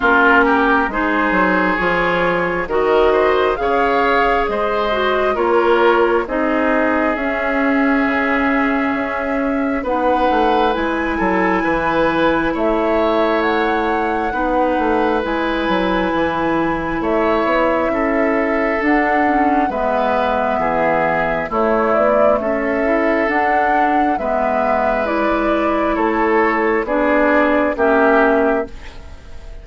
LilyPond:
<<
  \new Staff \with { instrumentName = "flute" } { \time 4/4 \tempo 4 = 67 ais'4 c''4 cis''4 dis''4 | f''4 dis''4 cis''4 dis''4 | e''2. fis''4 | gis''2 e''4 fis''4~ |
fis''4 gis''2 e''4~ | e''4 fis''4 e''2 | cis''8 d''8 e''4 fis''4 e''4 | d''4 cis''4 d''4 e''4 | }
  \new Staff \with { instrumentName = "oboe" } { \time 4/4 f'8 g'8 gis'2 ais'8 c''8 | cis''4 c''4 ais'4 gis'4~ | gis'2. b'4~ | b'8 a'8 b'4 cis''2 |
b'2. cis''4 | a'2 b'4 gis'4 | e'4 a'2 b'4~ | b'4 a'4 gis'4 g'4 | }
  \new Staff \with { instrumentName = "clarinet" } { \time 4/4 cis'4 dis'4 f'4 fis'4 | gis'4. fis'8 f'4 dis'4 | cis'2. dis'4 | e'1 |
dis'4 e'2.~ | e'4 d'8 cis'8 b2 | a4. e'8 d'4 b4 | e'2 d'4 cis'4 | }
  \new Staff \with { instrumentName = "bassoon" } { \time 4/4 ais4 gis8 fis8 f4 dis4 | cis4 gis4 ais4 c'4 | cis'4 cis4 cis'4 b8 a8 | gis8 fis8 e4 a2 |
b8 a8 gis8 fis8 e4 a8 b8 | cis'4 d'4 gis4 e4 | a8 b8 cis'4 d'4 gis4~ | gis4 a4 b4 ais4 | }
>>